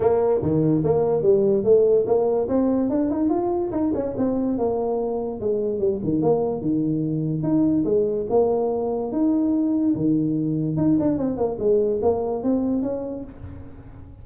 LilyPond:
\new Staff \with { instrumentName = "tuba" } { \time 4/4 \tempo 4 = 145 ais4 dis4 ais4 g4 | a4 ais4 c'4 d'8 dis'8 | f'4 dis'8 cis'8 c'4 ais4~ | ais4 gis4 g8 dis8 ais4 |
dis2 dis'4 gis4 | ais2 dis'2 | dis2 dis'8 d'8 c'8 ais8 | gis4 ais4 c'4 cis'4 | }